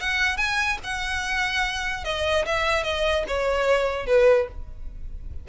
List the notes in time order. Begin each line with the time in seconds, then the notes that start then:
0.00 F#5
0.37 G#5
0.83 F#5
2.04 D#5
2.46 E5
2.83 D#5
3.28 C#5
4.06 B4